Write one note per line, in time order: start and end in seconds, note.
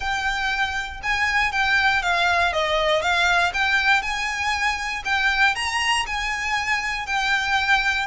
0.00 1.00 G5
1.02 1.52 G#5
1.52 2.02 G5
2.02 2.52 F5
2.52 3.01 D#5
3.01 3.52 F5
3.53 4.02 G5
4.02 5.02 G#5
5.04 5.55 G5
5.55 6.05 A#5
6.06 7.06 G#5
7.06 8.06 G5